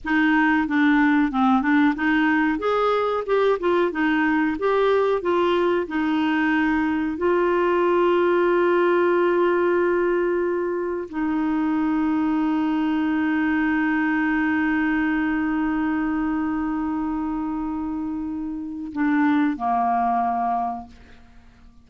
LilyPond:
\new Staff \with { instrumentName = "clarinet" } { \time 4/4 \tempo 4 = 92 dis'4 d'4 c'8 d'8 dis'4 | gis'4 g'8 f'8 dis'4 g'4 | f'4 dis'2 f'4~ | f'1~ |
f'4 dis'2.~ | dis'1~ | dis'1~ | dis'4 d'4 ais2 | }